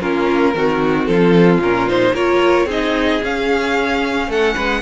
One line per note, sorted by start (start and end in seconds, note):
0.00 0.54 A#3
0.00 0.54 C#4
0.00 0.54 F4
0.00 1.05 A#4
0.54 1.08 D#3
0.54 1.61 C4
0.54 1.10 F#4
1.05 1.58 F3
1.05 2.13 F4
1.05 1.59 A4
1.58 2.11 A#2
1.58 1.88 C#4
1.58 1.88 A#4
1.88 2.14 D#4
1.88 2.15 C5
2.13 2.65 A#3
2.13 2.67 F4
2.13 2.65 A#4
2.13 2.68 C#5
2.65 3.18 C4
2.65 3.20 D#4
2.65 4.26 G#4
2.65 3.24 D#5
3.20 4.81 C#4
3.20 4.27 C#4
3.20 4.31 F5
4.27 4.54 A3
4.27 4.54 A4
4.27 4.82 F#5
4.54 4.82 G#3
4.54 4.81 B4